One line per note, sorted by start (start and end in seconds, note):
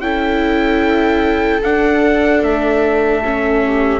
0.00 1.60 C#4
0.00 1.62 E4
0.00 3.63 A4
0.00 1.60 G5
1.63 2.43 D4
1.63 3.23 D4
1.63 2.43 F#5
2.43 4.00 A3
2.43 4.00 E5
3.24 4.00 C#4
3.65 4.00 G4